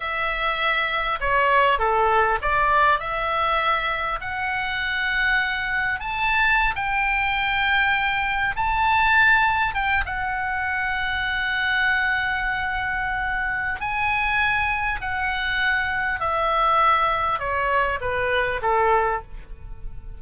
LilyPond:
\new Staff \with { instrumentName = "oboe" } { \time 4/4 \tempo 4 = 100 e''2 cis''4 a'4 | d''4 e''2 fis''4~ | fis''2 a''4~ a''16 g''8.~ | g''2~ g''16 a''4.~ a''16~ |
a''16 g''8 fis''2.~ fis''16~ | fis''2. gis''4~ | gis''4 fis''2 e''4~ | e''4 cis''4 b'4 a'4 | }